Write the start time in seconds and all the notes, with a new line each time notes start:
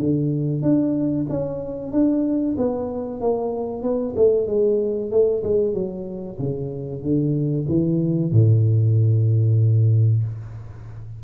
0.00 D3
0.63 D4
1.30 C#4
1.92 D4
2.58 B3
3.21 A#3
3.83 B3
4.17 A3
4.48 G#3
5.12 A3
5.44 G#3
5.74 F#3
6.39 C#3
7.03 D3
7.69 E3
8.32 A2